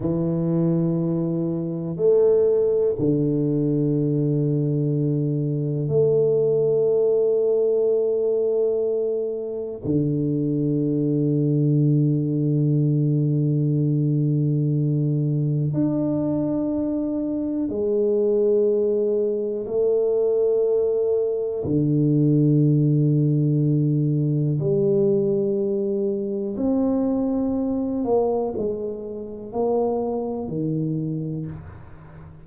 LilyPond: \new Staff \with { instrumentName = "tuba" } { \time 4/4 \tempo 4 = 61 e2 a4 d4~ | d2 a2~ | a2 d2~ | d1 |
d'2 gis2 | a2 d2~ | d4 g2 c'4~ | c'8 ais8 gis4 ais4 dis4 | }